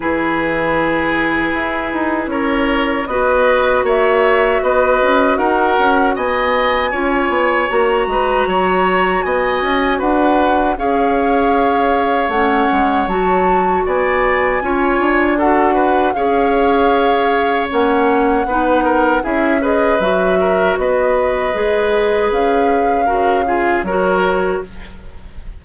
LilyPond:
<<
  \new Staff \with { instrumentName = "flute" } { \time 4/4 \tempo 4 = 78 b'2. cis''4 | dis''4 e''4 dis''4 fis''4 | gis''2 ais''2 | gis''4 fis''4 f''2 |
fis''4 a''4 gis''2 | fis''4 f''2 fis''4~ | fis''4 e''8 dis''8 e''4 dis''4~ | dis''4 f''2 cis''4 | }
  \new Staff \with { instrumentName = "oboe" } { \time 4/4 gis'2. ais'4 | b'4 cis''4 b'4 ais'4 | dis''4 cis''4. b'8 cis''4 | dis''4 b'4 cis''2~ |
cis''2 d''4 cis''4 | a'8 b'8 cis''2. | b'8 ais'8 gis'8 b'4 ais'8 b'4~ | b'2 ais'8 gis'8 ais'4 | }
  \new Staff \with { instrumentName = "clarinet" } { \time 4/4 e'1 | fis'1~ | fis'4 f'4 fis'2~ | fis'2 gis'2 |
cis'4 fis'2 f'4 | fis'4 gis'2 cis'4 | dis'4 e'8 gis'8 fis'2 | gis'2 fis'8 f'8 fis'4 | }
  \new Staff \with { instrumentName = "bassoon" } { \time 4/4 e2 e'8 dis'8 cis'4 | b4 ais4 b8 cis'8 dis'8 cis'8 | b4 cis'8 b8 ais8 gis8 fis4 | b8 cis'8 d'4 cis'2 |
a8 gis8 fis4 b4 cis'8 d'8~ | d'4 cis'2 ais4 | b4 cis'4 fis4 b4 | gis4 cis'4 cis4 fis4 | }
>>